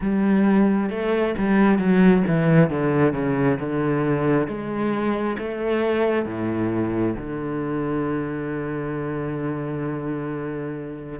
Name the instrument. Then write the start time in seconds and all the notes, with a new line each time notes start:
cello
0.00 G3
0.90 A3
1.38 G3
1.78 F#3
2.27 E3
2.69 D3
3.13 C#3
3.59 D3
4.47 G#3
5.38 A3
6.25 A2
7.16 D3